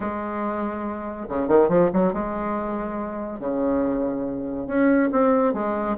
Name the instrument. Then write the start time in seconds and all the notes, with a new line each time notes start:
bassoon
0.00 G#3
1.28 C#3
1.48 D#3
1.68 F3
1.93 F#3
2.13 G#3
3.39 C#3
4.67 C#4
5.11 C4
5.53 G#3